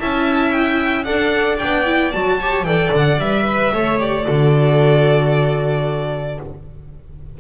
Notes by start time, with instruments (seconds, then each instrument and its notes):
0.00 double bass C#4, viola E4, violin E5 A5
0.52 violin G5
1.04 double bass D4, viola A4, violin D5 F#5
1.59 double bass B3, viola D4, violin G5
1.86 viola E4
2.12 double bass F#3, viola F#4, violin A5
2.39 viola G4, violin C#5
2.63 double bass E3, viola A4, violin D5 G5
2.93 double bass D3, violin F#5
3.19 double bass G3, viola B4, violin E5
3.47 violin B4
3.74 double bass A3, viola A4, violin C#5
3.99 viola G4, violin D5
4.24 double bass D3, viola F#4, violin A4